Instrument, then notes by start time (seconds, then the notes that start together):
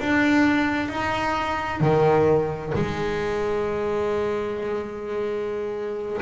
double bass
0.00 D4
0.89 D#4
1.81 D#3
2.75 G#3